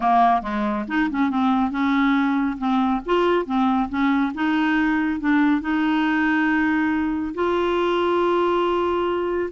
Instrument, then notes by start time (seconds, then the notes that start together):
clarinet
0.00 A#3
0.42 G#3
0.88 D#4
1.10 C#4
1.29 C4
1.71 C#4
2.57 C4
3.05 F4
3.45 C4
3.89 C#4
4.34 D#4
5.20 D4
5.61 D#4
7.34 F4